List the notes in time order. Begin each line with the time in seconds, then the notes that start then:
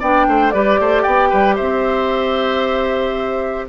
0.00 B3 D4 D5 G5
0.27 A3 C5
0.51 G3 G4 B4 D5
0.80 A3 C5
1.03 B3 D5 G5
1.30 G3 B4
1.55 C4 C5 E5